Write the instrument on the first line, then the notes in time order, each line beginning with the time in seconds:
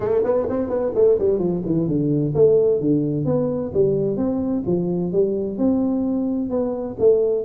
tuba
0.00 A3
0.23 B3
0.49 C4
0.69 B3
0.95 A3
1.18 G3
1.38 F3
1.65 E3
1.87 D3
2.34 A3
2.80 D3
3.25 B3
3.74 G3
4.16 C4
4.66 F3
5.12 G3
5.58 C4
6.50 B3
6.99 A3